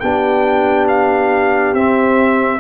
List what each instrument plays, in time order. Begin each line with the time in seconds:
0.00 tuba B3, trombone D4, horn G4, trumpet G5
0.88 trumpet F5
1.74 tuba C4, trombone C4, trumpet E5